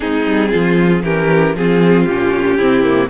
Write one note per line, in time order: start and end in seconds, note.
0.00 0.26 G#3
0.00 1.03 C4
0.00 0.50 D#4
0.00 1.03 G#4
0.26 0.52 G3
0.50 1.03 F3
0.50 1.02 F4
1.03 1.54 E3
1.03 1.55 C#4
1.03 1.55 G4
1.03 1.55 A#4
1.54 2.06 F3
1.54 2.09 C4
1.54 2.57 F4
1.54 2.05 G#4
2.05 2.58 A#2
2.05 2.60 C#4
2.05 3.09 G4
2.57 3.09 C3
2.57 2.83 C4
2.57 3.09 E4
2.83 3.09 A#3